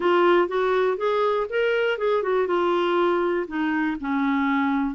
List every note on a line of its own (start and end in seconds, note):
0.00 0.48 F4
0.48 0.97 F#4
0.97 1.46 G#4
1.49 1.98 A#4
1.98 2.22 G#4
2.22 2.47 F#4
2.47 3.46 F4
3.47 3.97 D#4
4.00 4.94 C#4